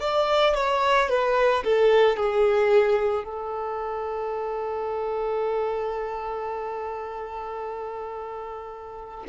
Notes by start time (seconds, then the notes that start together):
0.00 D5
0.55 C#5
1.09 B4
1.64 A4
2.17 G#4
3.24 A4